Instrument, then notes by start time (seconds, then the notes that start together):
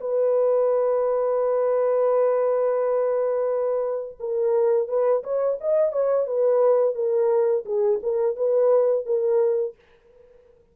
horn
0.00 B4
4.20 A#4
4.88 B4
5.23 C#5
5.60 D#5
5.92 C#5
6.27 B4
6.95 A#4
7.65 G#4
8.02 A#4
8.36 B4
9.05 A#4